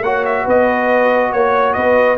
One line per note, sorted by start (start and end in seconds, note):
0.00 0.43 A#3
0.00 2.18 F#4
0.00 0.44 C#5
0.00 0.25 F#5
0.25 0.47 E5
0.44 1.33 B3
0.44 1.30 B4
0.44 1.32 D#5
1.32 1.76 A#3
1.32 1.73 C#5
1.32 1.75 C#5
1.73 2.18 B3
1.73 2.18 B4
1.73 2.16 D#5